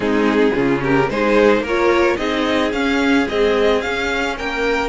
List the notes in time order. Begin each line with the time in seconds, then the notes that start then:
0.00 G#3 C4 D#4 G#4
0.54 C#3 C#4 F4
0.82 G4 A#4
1.09 G#3 D#4 G#4 C5
1.60 A#3 A#4
1.67 F4 C#5
2.17 C4 D#4 G#4 D#5
2.72 C#4 F5
3.25 G#3 C4 D#5
3.81 C#4 F5
4.36 A#3 A#4 G5